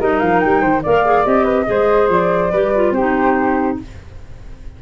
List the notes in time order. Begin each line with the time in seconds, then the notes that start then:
0.00 G3 D#4 A#4 D#5
0.20 F3 F5
0.40 G3 G5
0.61 D#3 C5
0.83 A#3 A#4 D5 F5
1.05 G#4
1.25 C4 G4 D#5
1.44 B4
1.66 G#3 G#4 C5
2.09 F3 D5
2.51 G3 G4 B4
2.75 F4
2.91 C4 G4 C5
2.98 D#4